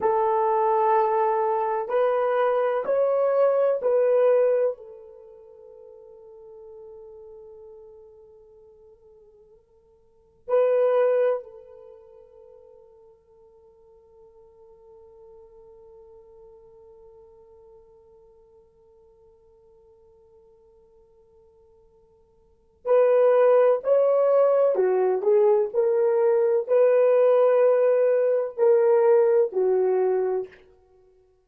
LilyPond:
\new Staff \with { instrumentName = "horn" } { \time 4/4 \tempo 4 = 63 a'2 b'4 cis''4 | b'4 a'2.~ | a'2. b'4 | a'1~ |
a'1~ | a'1 | b'4 cis''4 fis'8 gis'8 ais'4 | b'2 ais'4 fis'4 | }